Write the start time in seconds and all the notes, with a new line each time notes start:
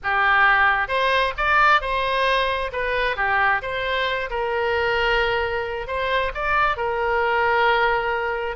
0.03 G4
0.88 C5
1.37 D5
1.81 C5
2.72 B4
3.16 G4
3.62 C5
4.30 A#4
5.87 C5
6.34 D5
6.77 A#4